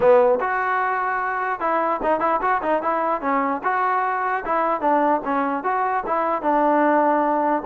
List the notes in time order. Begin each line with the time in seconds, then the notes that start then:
0.00 B3
0.40 F#4
1.60 E4
2.03 D#4
2.20 E4
2.41 F#4
2.62 D#4
2.82 E4
3.21 C#4
3.63 F#4
4.45 E4
4.80 D4
5.24 C#4
5.63 F#4
6.06 E4
6.42 D4